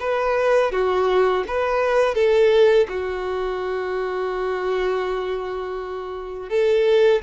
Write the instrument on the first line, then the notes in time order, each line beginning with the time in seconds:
violin
0.00 B4
0.72 F#4
1.48 B4
2.15 A4
2.89 F#4
6.50 A4